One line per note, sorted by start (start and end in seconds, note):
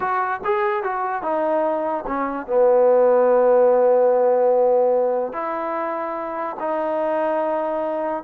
0.00 0.40 F#4
0.44 0.83 G#4
0.83 1.22 F#4
1.22 2.04 D#4
2.06 2.46 C#4
2.46 5.33 B3
5.33 6.56 E4
6.59 8.23 D#4